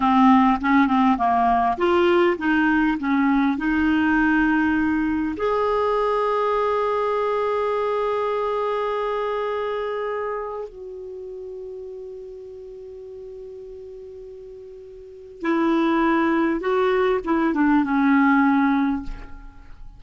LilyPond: \new Staff \with { instrumentName = "clarinet" } { \time 4/4 \tempo 4 = 101 c'4 cis'8 c'8 ais4 f'4 | dis'4 cis'4 dis'2~ | dis'4 gis'2.~ | gis'1~ |
gis'2 fis'2~ | fis'1~ | fis'2 e'2 | fis'4 e'8 d'8 cis'2 | }